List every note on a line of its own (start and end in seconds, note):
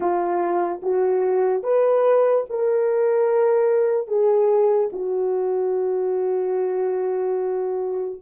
0.00 0.80 F4
0.82 1.63 F#4
1.63 2.45 B4
2.49 4.07 A#4
4.07 4.89 G#4
4.92 8.21 F#4